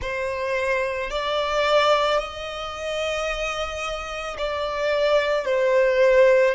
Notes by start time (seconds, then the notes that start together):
0.01 C5
1.10 D5
2.18 D#5
4.37 D5
5.45 C5